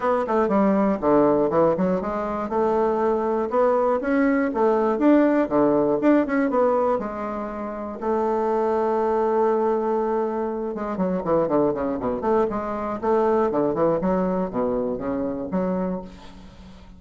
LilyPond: \new Staff \with { instrumentName = "bassoon" } { \time 4/4 \tempo 4 = 120 b8 a8 g4 d4 e8 fis8 | gis4 a2 b4 | cis'4 a4 d'4 d4 | d'8 cis'8 b4 gis2 |
a1~ | a4. gis8 fis8 e8 d8 cis8 | b,8 a8 gis4 a4 d8 e8 | fis4 b,4 cis4 fis4 | }